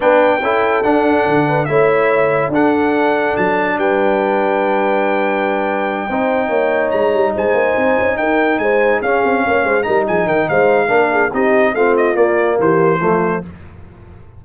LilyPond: <<
  \new Staff \with { instrumentName = "trumpet" } { \time 4/4 \tempo 4 = 143 g''2 fis''2 | e''2 fis''2 | a''4 g''2.~ | g''1~ |
g''8 ais''4 gis''2 g''8~ | g''8 gis''4 f''2 ais''8 | gis''8 g''8 f''2 dis''4 | f''8 dis''8 d''4 c''2 | }
  \new Staff \with { instrumentName = "horn" } { \time 4/4 b'4 a'2~ a'8 b'8 | cis''2 a'2~ | a'4 b'2.~ | b'2~ b'8 c''4 cis''8~ |
cis''4. c''2 ais'8~ | ais'8 c''4 gis'4 cis''8 c''8 ais'8 | gis'8 ais'8 c''4 ais'8 gis'8 g'4 | f'2 g'4 f'4 | }
  \new Staff \with { instrumentName = "trombone" } { \time 4/4 d'4 e'4 d'2 | e'2 d'2~ | d'1~ | d'2~ d'8 dis'4.~ |
dis'1~ | dis'4. cis'2 dis'8~ | dis'2 d'4 dis'4 | c'4 ais2 a4 | }
  \new Staff \with { instrumentName = "tuba" } { \time 4/4 b4 cis'4 d'4 d4 | a2 d'2 | fis4 g2.~ | g2~ g8 c'4 ais8~ |
ais8 gis8 g8 gis8 ais8 c'8 cis'8 dis'8~ | dis'8 gis4 cis'8 c'8 ais8 gis8 g8 | f8 dis8 gis4 ais4 c'4 | a4 ais4 e4 f4 | }
>>